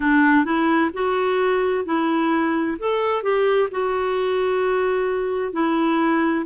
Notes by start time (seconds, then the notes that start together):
0.00 D4
0.44 E4
0.93 F#4
1.85 E4
2.78 A4
3.22 G4
3.71 F#4
5.52 E4